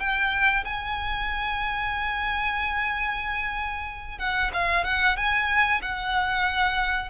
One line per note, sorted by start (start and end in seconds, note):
0.00 0.65 G5
0.65 4.19 G#5
4.19 4.51 F#5
4.54 4.84 F5
4.84 5.17 F#5
5.17 5.81 G#5
5.82 7.10 F#5